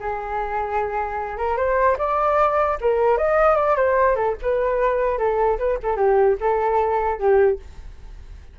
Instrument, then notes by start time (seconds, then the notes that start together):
flute
0.00 G#4
1.38 A#4
1.57 C5
1.98 D5
2.81 A#4
3.18 D#5
3.56 D5
3.76 C5
4.16 A4
4.42 B4
5.18 A4
5.59 B4
5.83 A4
5.97 G4
6.41 A4
7.19 G4